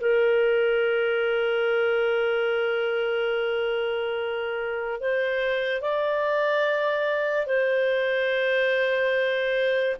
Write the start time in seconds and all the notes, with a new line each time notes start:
0.00 A#4
5.00 C5
5.81 D5
7.46 C5